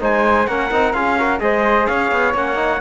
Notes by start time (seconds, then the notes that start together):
0.00 G#3 D#4 C5 G#5
0.48 A#3 C#4 A#4 F#5
0.72 C4 D#4
0.93 C#4 F4 G#4 F5
1.18 F#4 A#4
1.40 G#3 G#4 C5 D#5
1.88 C#4 C#5 F5
2.12 B3
2.35 A#3 C#4 F#5
2.56 D#4